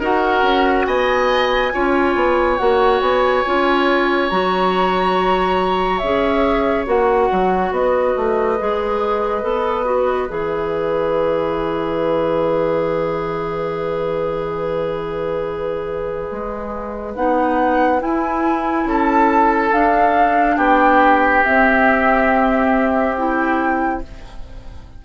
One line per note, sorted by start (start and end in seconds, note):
0.00 0.42 D#4
0.00 1.73 F#4
0.00 0.86 A#4
0.00 0.86 F#5
0.42 0.85 C#4
0.86 1.72 B3
0.86 1.73 D#5
0.86 2.58 G#5
1.73 2.15 C#4
1.73 2.58 F4
1.73 7.73 C#5
2.15 2.58 B3
2.58 3.01 A#3
2.58 3.44 F#4
2.58 3.01 F#5
3.01 3.44 B3
3.01 4.30 G#5
3.45 4.31 C#4
3.45 4.30 F4
4.30 6.02 F#3
4.30 6.01 F#4
4.30 5.98 A#5
5.98 6.86 C#4
5.98 6.86 G#4
5.98 6.84 E5
6.86 7.29 A#3
6.86 8.57 F#4
6.86 7.73 F#5
7.32 7.71 F#3
7.71 8.14 B3
7.71 18.87 B4
7.71 10.29 D#5
8.16 8.59 A3
8.59 9.43 G#3
8.59 9.42 G#4
9.42 10.29 B3
9.42 9.85 A4
9.85 10.28 F#4
10.29 16.30 E3
10.29 17.14 G#4
10.29 17.15 E5
16.31 17.16 G#3
17.15 18.01 B3
17.15 17.99 D#4
17.15 18.01 F#5
17.99 19.71 E4
17.99 18.85 E4
17.99 18.88 G#5
18.85 19.71 C#4
18.85 20.56 A4
18.85 19.73 A5
19.73 21.44 D4
19.73 20.57 D4
19.73 20.59 F5
20.56 21.43 B3
20.56 23.99 G4
20.56 21.44 G5
21.44 23.16 C4
21.44 24.05 C4
21.44 23.16 E5
23.16 24.02 E4
23.16 24.02 G5